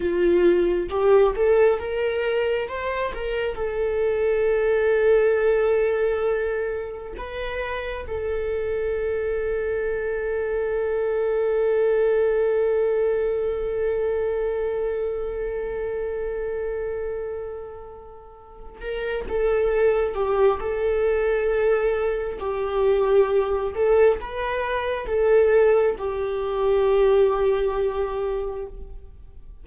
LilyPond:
\new Staff \with { instrumentName = "viola" } { \time 4/4 \tempo 4 = 67 f'4 g'8 a'8 ais'4 c''8 ais'8 | a'1 | b'4 a'2.~ | a'1~ |
a'1~ | a'4 ais'8 a'4 g'8 a'4~ | a'4 g'4. a'8 b'4 | a'4 g'2. | }